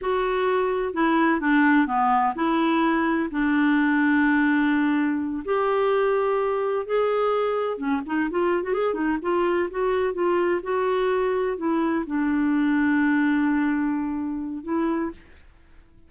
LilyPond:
\new Staff \with { instrumentName = "clarinet" } { \time 4/4 \tempo 4 = 127 fis'2 e'4 d'4 | b4 e'2 d'4~ | d'2.~ d'8 g'8~ | g'2~ g'8 gis'4.~ |
gis'8 cis'8 dis'8 f'8. fis'16 gis'8 dis'8 f'8~ | f'8 fis'4 f'4 fis'4.~ | fis'8 e'4 d'2~ d'8~ | d'2. e'4 | }